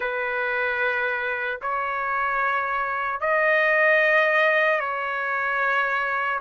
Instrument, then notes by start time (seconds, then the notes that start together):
trumpet
0.00 B4
1.61 C#5
3.20 D#5
4.80 C#5